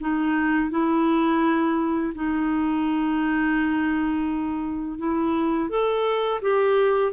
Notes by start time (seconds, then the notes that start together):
0.00 D#4
0.70 E4
2.15 D#4
4.98 E4
5.69 A4
6.42 G4